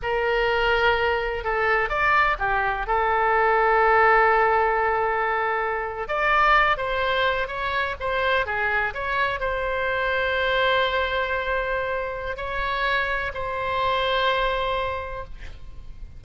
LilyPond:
\new Staff \with { instrumentName = "oboe" } { \time 4/4 \tempo 4 = 126 ais'2. a'4 | d''4 g'4 a'2~ | a'1~ | a'8. d''4. c''4. cis''16~ |
cis''8. c''4 gis'4 cis''4 c''16~ | c''1~ | c''2 cis''2 | c''1 | }